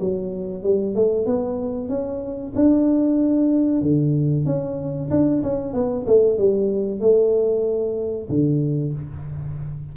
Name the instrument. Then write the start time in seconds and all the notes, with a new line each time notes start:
tuba
0.00 F#3
0.63 G3
0.95 A3
1.26 B3
1.89 C#4
2.55 D4
3.82 D3
4.46 C#4
5.11 D4
5.43 C#4
5.74 B3
6.07 A3
6.38 G3
7.00 A3
8.29 D3